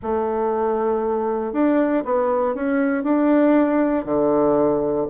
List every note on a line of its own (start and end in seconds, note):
0.02 1.53 A3
1.53 2.03 D4
2.05 2.54 B3
2.54 3.03 C#4
3.03 4.05 D4
4.05 5.06 D3